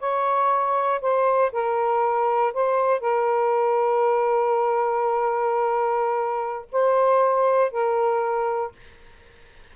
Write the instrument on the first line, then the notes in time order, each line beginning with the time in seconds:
saxophone
0.00 C#5
1.02 C5
1.53 A#4
2.54 C5
3.01 A#4
6.72 C5
7.72 A#4